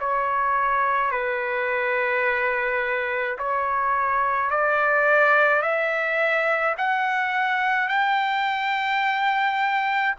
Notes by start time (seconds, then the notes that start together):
0.00 C#5
1.11 B4
3.39 C#5
4.50 D5
5.62 E5
6.78 F#5
7.88 G5